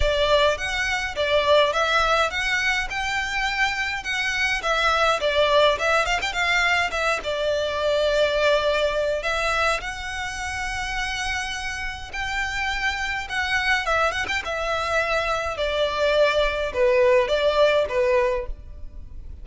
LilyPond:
\new Staff \with { instrumentName = "violin" } { \time 4/4 \tempo 4 = 104 d''4 fis''4 d''4 e''4 | fis''4 g''2 fis''4 | e''4 d''4 e''8 f''16 g''16 f''4 | e''8 d''2.~ d''8 |
e''4 fis''2.~ | fis''4 g''2 fis''4 | e''8 fis''16 g''16 e''2 d''4~ | d''4 b'4 d''4 b'4 | }